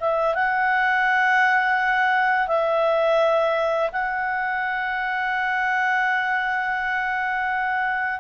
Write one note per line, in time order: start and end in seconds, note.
0.00 0.35 E5
0.35 2.47 F#5
2.47 3.90 E5
3.92 8.20 F#5